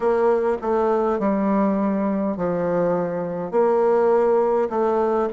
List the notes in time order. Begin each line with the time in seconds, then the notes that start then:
0.00 A#3
0.61 A3
1.19 G3
2.36 F3
3.51 A#3
4.70 A3